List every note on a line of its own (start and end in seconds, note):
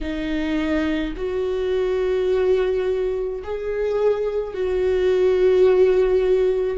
0.01 1.14 D#4
1.16 3.43 F#4
3.43 4.54 G#4
4.54 6.77 F#4